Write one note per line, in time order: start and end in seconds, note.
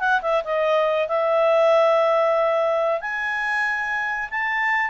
0.00 0.21 F#5
0.22 0.44 E5
0.45 1.09 D#5
1.09 3.01 E5
3.01 4.30 G#5
4.31 4.91 A5